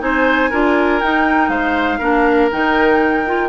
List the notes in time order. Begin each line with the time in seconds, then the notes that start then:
0.00 C4 D#4 C5 G#5
0.50 D4 F4 A#4
1.00 D#4 G5
1.48 G#3 C5 F5
1.98 A#3 D4 A#4
2.51 D#3 D#4 G5
3.26 F4